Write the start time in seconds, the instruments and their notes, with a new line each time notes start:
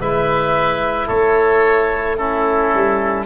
0.00 tuba G#3, trombone E4, oboe B4 E5
1.07 tuba A3, oboe A4 C#5
2.17 trombone C#4, oboe E4 A4
2.74 tuba G3